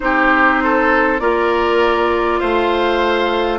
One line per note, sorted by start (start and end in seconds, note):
0.00 1.20 C4
0.00 1.19 D#4
0.00 0.63 G4
0.00 1.19 C5
0.63 1.21 A4
1.19 2.40 A#3
1.19 3.59 F4
1.19 2.40 A#4
1.19 2.39 D5
2.39 3.59 A3
2.39 3.59 C5
2.39 3.59 F5